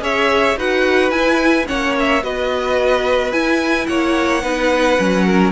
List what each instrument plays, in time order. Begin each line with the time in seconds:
0.00 cello C#4, viola G#4, violin C#5 E5
0.56 cello D#4, viola F#4, violin B4 F#5
1.10 cello E4, viola E4, violin G#5
1.66 cello A#3, viola C#4, violin C#5 F#5
1.99 violin E5
2.22 cello B3, viola F#4, violin B4 D#5
3.32 cello E4, viola E4, violin G#5
3.86 cello A#3, violin C#5 F#5
4.42 cello B3, viola D#4, violin B4
4.97 cello F#3, viola C#4
5.25 violin A#4